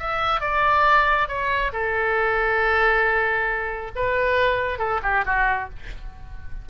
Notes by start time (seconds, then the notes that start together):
0.00 E5
0.41 D5
1.29 C#5
1.73 A4
3.96 B4
4.79 A4
5.03 G4
5.26 F#4